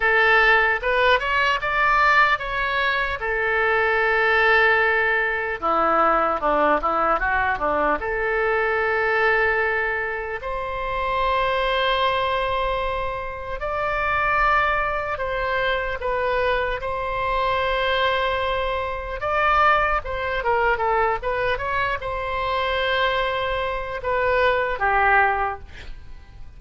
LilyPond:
\new Staff \with { instrumentName = "oboe" } { \time 4/4 \tempo 4 = 75 a'4 b'8 cis''8 d''4 cis''4 | a'2. e'4 | d'8 e'8 fis'8 d'8 a'2~ | a'4 c''2.~ |
c''4 d''2 c''4 | b'4 c''2. | d''4 c''8 ais'8 a'8 b'8 cis''8 c''8~ | c''2 b'4 g'4 | }